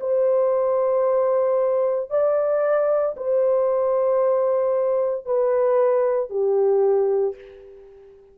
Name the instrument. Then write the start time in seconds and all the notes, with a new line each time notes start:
horn
0.00 C5
2.10 D5
3.16 C5
5.25 B4
6.29 G4